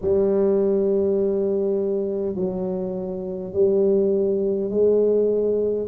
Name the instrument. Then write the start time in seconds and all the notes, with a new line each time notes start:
tuba
0.01 G3
2.35 F#3
3.53 G3
4.70 G#3